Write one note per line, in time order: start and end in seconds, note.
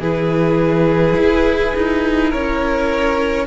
0.00 1.15 E3
0.00 3.47 E4
0.00 2.30 G#4
0.00 2.32 B4
1.16 1.74 E4
1.76 2.34 D#4
2.30 3.47 C#4
2.30 3.46 A#4
2.30 3.47 C#5